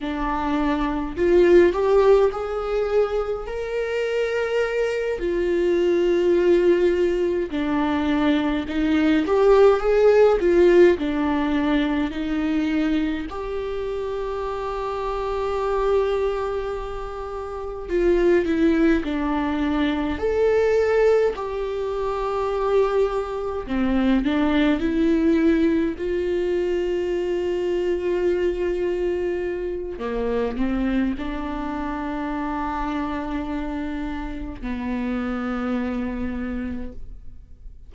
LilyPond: \new Staff \with { instrumentName = "viola" } { \time 4/4 \tempo 4 = 52 d'4 f'8 g'8 gis'4 ais'4~ | ais'8 f'2 d'4 dis'8 | g'8 gis'8 f'8 d'4 dis'4 g'8~ | g'2.~ g'8 f'8 |
e'8 d'4 a'4 g'4.~ | g'8 c'8 d'8 e'4 f'4.~ | f'2 ais8 c'8 d'4~ | d'2 b2 | }